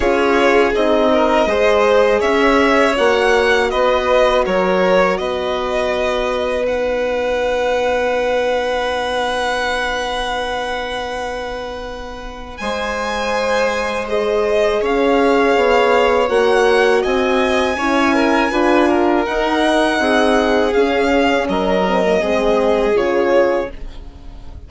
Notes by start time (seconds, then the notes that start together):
0.00 C#4 F4 G#4 C#5
0.75 C4 D#4 D#5
1.12 A#4
1.46 G#3 G#4 C5
2.19 C#4 C#5 E5
2.96 A#3 F#4 F#5
3.70 B3 B4 D#5
4.45 F#3 A#4 C#5
5.17 B3 B4 D#5
6.65 D#4 F#5
12.57 G#3 C5 G#5
14.08 G#4 D#5
14.81 C#4 C#5 F5
15.55 B3
16.28 A#3 F#4 F#5
17.02 C4 D#5 G#5
17.76 C#4 E4 C#5
18.14 A#4
18.51 D4 F4 B4
18.88 A#4
19.25 D#4 F#5
19.99 C4 G#4
20.73 C#4 F5
21.48 F#3 A#4 D#5
21.87 C4
22.03 A#3
22.20 G#3 C4 G#4
22.93 C#3 F4 C#5